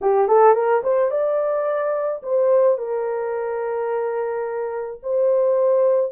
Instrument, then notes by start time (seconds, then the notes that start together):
horn
0.01 G4
0.28 A4
0.54 A#4
0.83 C5
1.10 D5
2.22 C5
2.78 A#4
5.03 C5